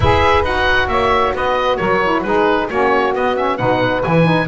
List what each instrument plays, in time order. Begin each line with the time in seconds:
0.00 double bass E4, saxophone G#4 B4, oboe E5
0.43 double bass D#4, saxophone F#4, oboe F#5
0.87 double bass A#3, saxophone C#5, oboe E5
1.33 double bass B3, saxophone B4, oboe D#5
1.76 double bass F#3, saxophone A#4, oboe C#5
2.02 saxophone E4
2.22 double bass G#3, saxophone D#4 G#4, oboe B4
2.68 double bass A#3, saxophone C#4 F#4, oboe C#5
3.13 saxophone B3, double bass B3, oboe D#5
3.35 saxophone C#4, oboe E5
3.57 double bass B2, saxophone D#4 B4, oboe F#5
4.03 double bass E3, saxophone E4, oboe G#5
4.23 saxophone D#4